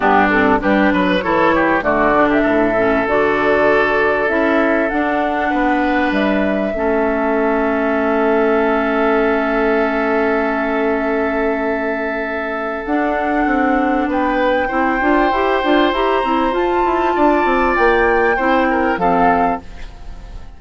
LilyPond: <<
  \new Staff \with { instrumentName = "flute" } { \time 4/4 \tempo 4 = 98 g'8 a'8 b'4 cis''4 d''8. e''16~ | e''4 d''2 e''4 | fis''2 e''2~ | e''1~ |
e''1~ | e''4 fis''2 g''4~ | g''2 ais''4 a''4~ | a''4 g''2 f''4 | }
  \new Staff \with { instrumentName = "oboe" } { \time 4/4 d'4 g'8 b'8 a'8 g'8 fis'8. g'16 | a'1~ | a'4 b'2 a'4~ | a'1~ |
a'1~ | a'2. b'4 | c''1 | d''2 c''8 ais'8 a'4 | }
  \new Staff \with { instrumentName = "clarinet" } { \time 4/4 b8 c'8 d'4 e'4 a8 d'8~ | d'8 cis'8 fis'2 e'4 | d'2. cis'4~ | cis'1~ |
cis'1~ | cis'4 d'2. | e'8 f'8 g'8 f'8 g'8 e'8 f'4~ | f'2 e'4 c'4 | }
  \new Staff \with { instrumentName = "bassoon" } { \time 4/4 g,4 g8 fis8 e4 d4 | a,4 d2 cis'4 | d'4 b4 g4 a4~ | a1~ |
a1~ | a4 d'4 c'4 b4 | c'8 d'8 e'8 d'8 e'8 c'8 f'8 e'8 | d'8 c'8 ais4 c'4 f4 | }
>>